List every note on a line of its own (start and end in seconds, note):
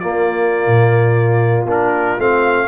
0.00 1.67 A#3
0.00 0.67 A#3
0.00 2.67 F4
0.00 1.65 D5
0.67 1.66 A#2
1.66 2.16 A#3
1.66 2.19 D4
1.66 2.20 A#4
2.18 2.69 A3
2.18 2.69 C4
2.18 2.69 F5